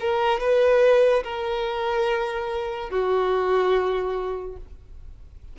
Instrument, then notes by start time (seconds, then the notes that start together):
violin
0.00 A#4
0.40 B4
1.23 A#4
2.90 F#4